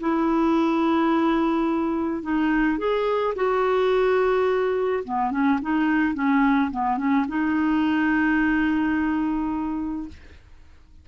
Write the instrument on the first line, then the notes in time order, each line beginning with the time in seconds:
clarinet
0.00 E4
2.23 D#4
2.78 G#4
3.35 F#4
5.04 B3
5.31 C#4
5.62 D#4
6.14 C#4
6.71 B3
6.97 C#4
7.28 D#4